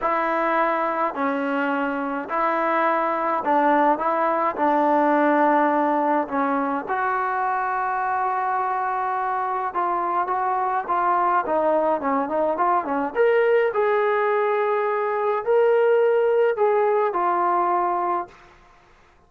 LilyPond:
\new Staff \with { instrumentName = "trombone" } { \time 4/4 \tempo 4 = 105 e'2 cis'2 | e'2 d'4 e'4 | d'2. cis'4 | fis'1~ |
fis'4 f'4 fis'4 f'4 | dis'4 cis'8 dis'8 f'8 cis'8 ais'4 | gis'2. ais'4~ | ais'4 gis'4 f'2 | }